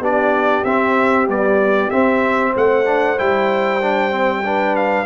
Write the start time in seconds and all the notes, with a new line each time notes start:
0.00 B3 D4 G4 D5
0.64 C4 E5
1.27 G3 B3 D5
1.90 C4 E5
2.53 A3 C5 F#5
2.85 D4
3.17 G3 E4 G5
3.81 D4
4.11 C4
4.43 D4 B4
4.76 F5